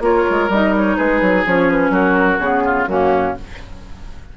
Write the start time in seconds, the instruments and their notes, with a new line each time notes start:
0.00 bassoon A#3, clarinet F4, oboe A#4, flute C#5
0.30 bassoon G#3
0.49 bassoon G3, clarinet D#4, flute D#5
0.76 flute C#5
0.96 bassoon G#3, oboe G#4, flute B4
1.21 bassoon F#3
1.45 bassoon F3, clarinet C#4, flute C#5
1.70 flute B4
1.90 bassoon F#3, oboe F#4, flute A#4
2.39 bassoon C#3, clarinet B3, flute G#4
2.65 oboe F4
2.86 bassoon F#2, clarinet A#3, oboe C#4, flute F#4